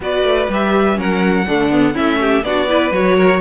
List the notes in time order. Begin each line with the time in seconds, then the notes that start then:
0.00 B3 F#4 B4 D5
0.23 A3
0.49 G3 G4 E5
0.94 F#3 C#4 A#4 F#5
1.47 D3 A3 D4
1.70 B3
1.93 A3 C#4 E4 E5
2.20 G4
2.42 B3 D4 F#4 D5
2.68 E4 B4
2.91 F#3 F#4 C#5
3.16 A#4